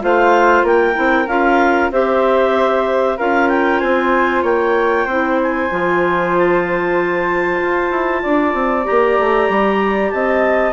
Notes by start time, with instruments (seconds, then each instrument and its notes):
0.00 bassoon A3, clarinet F4 F5, flute C5
0.63 bassoon A#3, flute A#4, clarinet G5
0.93 bassoon C4, clarinet E4
1.27 bassoon C#4, clarinet F4 F5
1.90 bassoon C4, clarinet G4 E5, flute C5
3.17 bassoon C#4, clarinet F4 F5, flute A#4
3.49 clarinet G5
3.79 bassoon C4, flute C5, clarinet G#5
4.42 bassoon A#3, flute C#5, clarinet G5
5.05 bassoon C4, clarinet E4, flute C5
5.42 clarinet G#5
5.71 bassoon F3, clarinet F4
6.37 clarinet A5
7.62 bassoon F4
7.90 bassoon E4
8.22 bassoon D4, flute D5
8.53 bassoon C4
8.84 bassoon A#3, clarinet G4 A#5
9.19 bassoon A3
9.49 bassoon G3
10.10 bassoon C4, flute D#5, clarinet A5